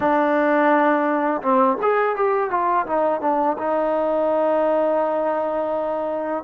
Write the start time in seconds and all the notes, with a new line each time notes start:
0.00 D4
1.42 C4
1.81 G#4
2.16 G4
2.50 F4
2.86 D#4
3.20 D4
3.58 D#4